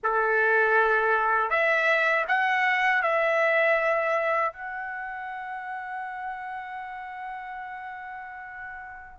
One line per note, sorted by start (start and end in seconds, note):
0.03 1.50 A4
1.50 2.25 E5
2.27 3.02 F#5
3.02 4.52 E5
4.52 9.19 F#5